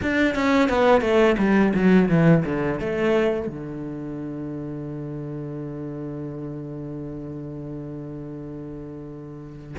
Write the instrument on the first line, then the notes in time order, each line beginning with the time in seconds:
cello
0.02 D4
0.35 C#4
0.69 B3
1.01 A3
1.38 G3
1.74 F#3
2.09 E3
2.45 D3
2.79 A3
3.47 D3